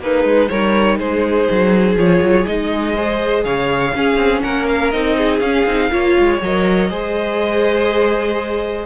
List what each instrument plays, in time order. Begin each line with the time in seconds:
0.00 cello A#3, violin D#4 B4, viola G#4
0.24 cello G#3
0.49 cello G3, viola D#4, violin A#4 C#5
0.98 cello G#3, violin G#4 C5
1.51 cello F#3
1.96 cello F3, viola F4, violin C#5
2.21 cello F#3
2.46 cello G#3, viola D#4, violin D#5
2.95 viola G#4, violin C5
3.44 cello C#3, violin C#5 F5
3.95 viola C#4, cello C#4, violin G#4
4.16 cello C4
4.42 cello A#3, violin A#4 F#5
4.68 violin F5
4.91 cello C4, viola D#4, violin D#5
5.17 violin G#4
5.40 cello C#4, viola C#4, violin F5
5.66 cello C4, viola D#4
5.90 cello A#3, viola F4, violin C#5
6.19 cello G#3
6.42 cello F#3, viola A#4, violin D#5
6.90 cello G#3, viola G#4, violin C5